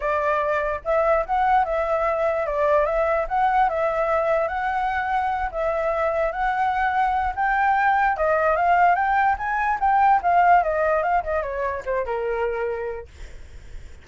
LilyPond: \new Staff \with { instrumentName = "flute" } { \time 4/4 \tempo 4 = 147 d''2 e''4 fis''4 | e''2 d''4 e''4 | fis''4 e''2 fis''4~ | fis''4. e''2 fis''8~ |
fis''2 g''2 | dis''4 f''4 g''4 gis''4 | g''4 f''4 dis''4 f''8 dis''8 | cis''4 c''8 ais'2~ ais'8 | }